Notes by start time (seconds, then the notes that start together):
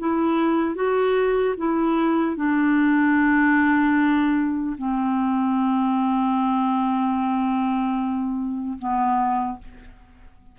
0.00 E4
0.75 F#4
1.58 E4
2.37 D4
4.78 C4
8.79 B3